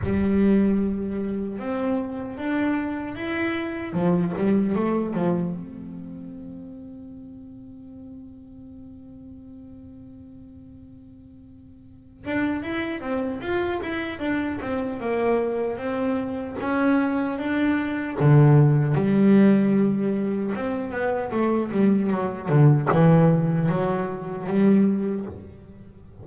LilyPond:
\new Staff \with { instrumentName = "double bass" } { \time 4/4 \tempo 4 = 76 g2 c'4 d'4 | e'4 f8 g8 a8 f8 c'4~ | c'1~ | c'2.~ c'8 d'8 |
e'8 c'8 f'8 e'8 d'8 c'8 ais4 | c'4 cis'4 d'4 d4 | g2 c'8 b8 a8 g8 | fis8 d8 e4 fis4 g4 | }